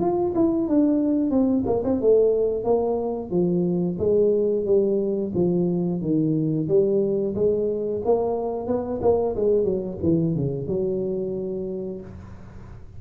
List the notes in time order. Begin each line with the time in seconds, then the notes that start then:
0.00 F4
0.36 E4
0.69 D4
1.31 C4
1.67 A#3
1.85 C4
2.02 A3
2.65 A#3
3.31 F3
3.99 G#3
4.66 G3
5.35 F3
6.02 D#3
6.68 G3
7.36 G#3
8.05 A#3
8.67 B3
9.02 A#3
9.36 G#3
9.65 F#3
10.03 E3
10.36 C#3
10.68 F#3